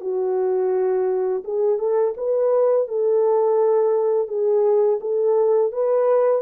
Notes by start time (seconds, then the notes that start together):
0.00 F#4
1.44 G#4
1.78 A4
2.17 B4
2.87 A4
4.28 G#4
5.00 A4
5.72 B4